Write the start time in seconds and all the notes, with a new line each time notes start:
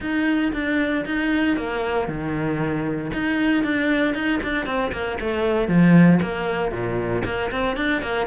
0.00 D#4
0.52 D4
1.05 D#4
1.56 A#3
2.08 D#3
3.13 D#4
3.63 D4
4.14 D#4
4.43 D4
4.66 C4
4.92 A#3
5.20 A3
5.68 F3
6.22 A#3
6.71 A#2
7.25 A#3
7.51 C4
7.76 D4
8.01 A#3